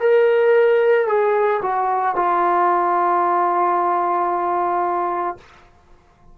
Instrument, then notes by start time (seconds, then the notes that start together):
trombone
0.00 A#4
1.07 G#4
1.62 F#4
2.16 F4